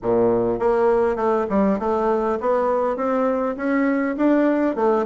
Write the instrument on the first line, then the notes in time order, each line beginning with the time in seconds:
bassoon
0.02 A#2
0.59 A#3
1.16 A3
1.49 G3
1.79 A3
2.40 B3
2.96 C4
3.56 C#4
4.17 D4
4.75 A3